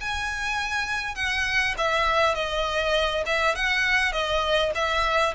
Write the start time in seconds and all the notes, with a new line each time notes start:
0.00 G#5
1.15 F#5
1.77 E5
2.35 D#5
3.26 E5
3.55 F#5
4.12 D#5
4.74 E5